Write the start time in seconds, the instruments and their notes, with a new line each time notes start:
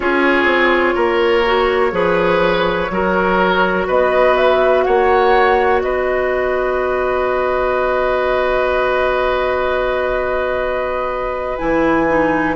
0.00 bassoon C#4, clarinet F4, oboe G#4, flute C#5
0.44 bassoon C4
0.95 bassoon A#3, oboe A#4
1.45 clarinet F#4
1.91 bassoon F3, clarinet G#4, oboe B4
2.90 bassoon F#3, clarinet F#4, oboe A#4
3.87 bassoon B3, oboe B4, flute D#5
4.36 flute E5
4.83 bassoon A#3, oboe C#5, flute F#5
5.81 bassoon B3, oboe B4, flute D#5
11.58 bassoon E3, clarinet E4, flute G#5
12.07 clarinet D#4